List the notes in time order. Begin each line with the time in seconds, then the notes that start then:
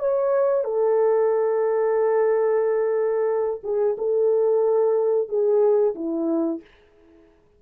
0.00 C#5
0.65 A4
3.64 G#4
3.98 A4
5.29 G#4
5.95 E4